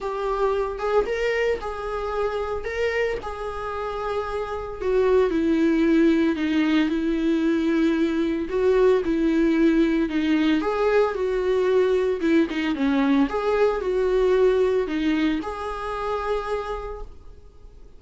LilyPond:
\new Staff \with { instrumentName = "viola" } { \time 4/4 \tempo 4 = 113 g'4. gis'8 ais'4 gis'4~ | gis'4 ais'4 gis'2~ | gis'4 fis'4 e'2 | dis'4 e'2. |
fis'4 e'2 dis'4 | gis'4 fis'2 e'8 dis'8 | cis'4 gis'4 fis'2 | dis'4 gis'2. | }